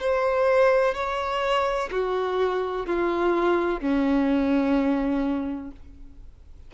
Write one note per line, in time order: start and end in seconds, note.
0.00 0.94 C5
0.94 1.89 C#5
1.91 2.86 F#4
2.86 3.81 F4
3.81 5.71 C#4